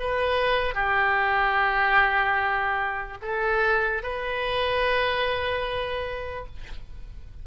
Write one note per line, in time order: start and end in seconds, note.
0.00 0.75 B4
0.75 3.18 G4
3.22 4.03 A4
4.03 6.46 B4